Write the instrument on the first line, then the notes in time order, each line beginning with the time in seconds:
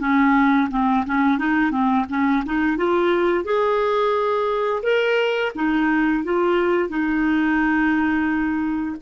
clarinet
0.00 C#4
0.71 C4
1.06 C#4
1.39 D#4
1.71 C4
2.09 C#4
2.46 D#4
2.77 F4
3.45 G#4
4.83 A#4
5.55 D#4
6.24 F4
6.89 D#4